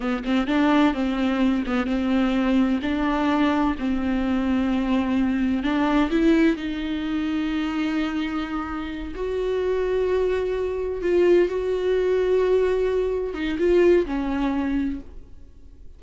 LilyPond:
\new Staff \with { instrumentName = "viola" } { \time 4/4 \tempo 4 = 128 b8 c'8 d'4 c'4. b8 | c'2 d'2 | c'1 | d'4 e'4 dis'2~ |
dis'2.~ dis'8 fis'8~ | fis'2.~ fis'8 f'8~ | f'8 fis'2.~ fis'8~ | fis'8 dis'8 f'4 cis'2 | }